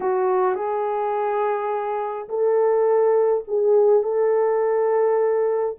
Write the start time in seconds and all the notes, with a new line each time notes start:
0.00 F#4
0.55 G#4
2.28 A4
3.47 G#4
4.03 A4